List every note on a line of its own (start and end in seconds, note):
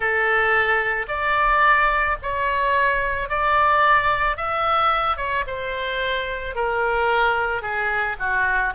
0.00 1.06 A4
1.08 2.17 D5
2.22 3.29 C#5
3.29 4.36 D5
4.36 5.17 E5
5.17 5.44 C#5
5.46 6.55 C5
6.55 7.62 A#4
7.62 8.16 G#4
8.19 8.73 F#4